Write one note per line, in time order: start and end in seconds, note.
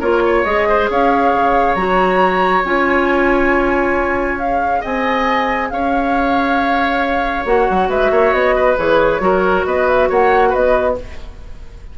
0.00 0.44 A#3
0.00 0.45 F4
0.00 0.22 A#4
0.00 0.44 C#5
0.26 0.69 C#5
0.44 0.89 G#3
0.44 1.77 G#4
0.44 0.88 D#5
0.69 0.90 C5
0.90 1.34 C#4
0.90 4.80 C#5
0.90 1.75 F5
1.34 1.75 C#3
1.75 2.63 F#3
1.75 2.65 F#4
1.75 2.62 A#5
2.64 4.83 C#4
2.64 4.40 F4
2.64 4.39 G#5
4.39 7.46 G#4
4.39 4.82 F5
4.80 5.71 C4
4.80 5.68 D#5
4.80 5.70 G#5
5.70 7.45 C#4
5.70 7.89 C#5
5.70 7.45 F5
7.45 7.67 A#3
7.45 8.78 F#4
7.45 7.90 F#5
7.70 7.89 F#3
7.89 8.11 G#3
7.89 8.11 B4
7.89 8.33 E5
8.11 8.32 A#3
8.11 8.55 C#5
8.32 8.76 B3
8.32 8.77 D#5
8.55 9.21 B4
8.78 9.20 E3
8.78 9.20 G#4
8.78 9.66 C#5
9.20 9.64 F#3
9.20 10.95 F#4
9.20 9.67 A#4
9.66 10.09 B3
9.66 10.09 B4
9.66 9.88 D#5
9.88 10.10 E5
10.09 10.54 A#3
10.09 10.49 C#5
10.09 10.54 F#5
10.49 10.98 B3
10.49 10.93 B4
10.49 10.98 D#5